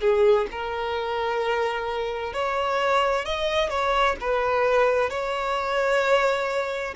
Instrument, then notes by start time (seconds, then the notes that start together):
violin
0.00 G#4
0.51 A#4
2.32 C#5
3.25 D#5
3.69 C#5
4.20 B4
5.09 C#5